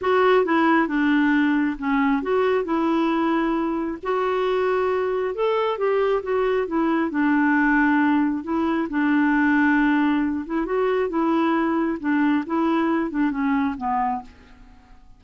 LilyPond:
\new Staff \with { instrumentName = "clarinet" } { \time 4/4 \tempo 4 = 135 fis'4 e'4 d'2 | cis'4 fis'4 e'2~ | e'4 fis'2. | a'4 g'4 fis'4 e'4 |
d'2. e'4 | d'2.~ d'8 e'8 | fis'4 e'2 d'4 | e'4. d'8 cis'4 b4 | }